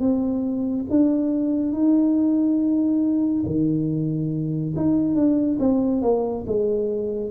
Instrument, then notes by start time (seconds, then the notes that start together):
tuba
0.00 C4
0.90 D4
1.73 D#4
3.46 D#3
4.76 D#4
5.15 D4
5.60 C4
6.02 A#3
6.47 G#3